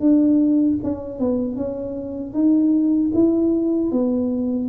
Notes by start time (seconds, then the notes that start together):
0.00 D4
0.83 C#4
1.19 B3
1.56 C#4
2.33 D#4
3.14 E4
3.91 B3